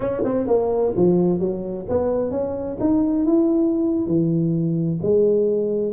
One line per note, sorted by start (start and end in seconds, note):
0.00 0.22 C#4
0.24 0.47 C4
0.47 0.93 A#3
0.96 1.39 F3
1.39 1.86 F#3
1.88 2.30 B3
2.30 2.77 C#4
2.80 3.25 D#4
3.25 4.06 E4
4.06 4.99 E3
5.02 5.92 G#3